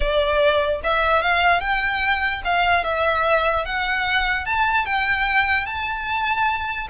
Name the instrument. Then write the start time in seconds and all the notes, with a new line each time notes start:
violin
0.00 D5
0.83 E5
1.22 F5
1.60 G5
2.44 F5
2.84 E5
3.65 F#5
4.45 A5
4.85 G5
5.66 A5